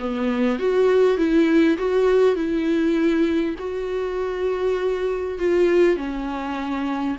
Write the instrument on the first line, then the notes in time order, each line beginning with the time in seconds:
viola
0.00 B3
0.59 F#4
1.18 E4
1.78 F#4
2.36 E4
3.59 F#4
5.39 F4
5.97 C#4